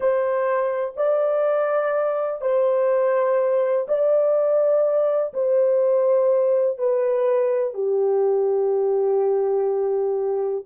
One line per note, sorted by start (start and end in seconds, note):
0.00 0.94 C5
0.96 2.41 D5
2.41 3.86 C5
3.88 5.33 D5
5.33 6.77 C5
6.77 7.74 B4
7.74 10.64 G4